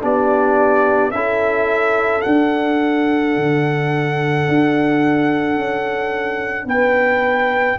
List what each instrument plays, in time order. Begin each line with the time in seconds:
0.00 tuba B3, trombone D4, horn G4, trumpet D5
1.11 tuba C#4, trombone E4, horn A4, trumpet E5
2.21 trombone D4, tuba D4, trumpet F#5
3.36 tuba D3
4.48 tuba D4
5.56 tuba C#4
6.65 tuba B3, horn B4, trumpet G5